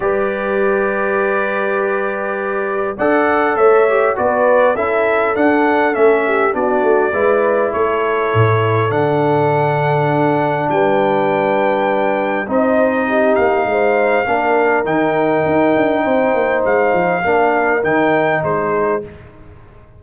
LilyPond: <<
  \new Staff \with { instrumentName = "trumpet" } { \time 4/4 \tempo 4 = 101 d''1~ | d''4 fis''4 e''4 d''4 | e''4 fis''4 e''4 d''4~ | d''4 cis''2 fis''4~ |
fis''2 g''2~ | g''4 dis''4. f''4.~ | f''4 g''2. | f''2 g''4 c''4 | }
  \new Staff \with { instrumentName = "horn" } { \time 4/4 b'1~ | b'4 d''4 cis''4 b'4 | a'2~ a'8 g'8 fis'4 | b'4 a'2.~ |
a'2 b'2~ | b'4 c''4 g'4 c''4 | ais'2. c''4~ | c''4 ais'2 gis'4 | }
  \new Staff \with { instrumentName = "trombone" } { \time 4/4 g'1~ | g'4 a'4. g'8 fis'4 | e'4 d'4 cis'4 d'4 | e'2. d'4~ |
d'1~ | d'4 dis'2. | d'4 dis'2.~ | dis'4 d'4 dis'2 | }
  \new Staff \with { instrumentName = "tuba" } { \time 4/4 g1~ | g4 d'4 a4 b4 | cis'4 d'4 a4 b8 a8 | gis4 a4 a,4 d4~ |
d2 g2~ | g4 c'4. ais8 gis4 | ais4 dis4 dis'8 d'8 c'8 ais8 | gis8 f8 ais4 dis4 gis4 | }
>>